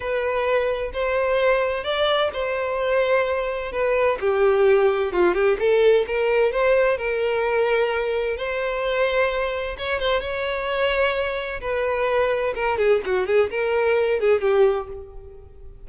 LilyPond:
\new Staff \with { instrumentName = "violin" } { \time 4/4 \tempo 4 = 129 b'2 c''2 | d''4 c''2. | b'4 g'2 f'8 g'8 | a'4 ais'4 c''4 ais'4~ |
ais'2 c''2~ | c''4 cis''8 c''8 cis''2~ | cis''4 b'2 ais'8 gis'8 | fis'8 gis'8 ais'4. gis'8 g'4 | }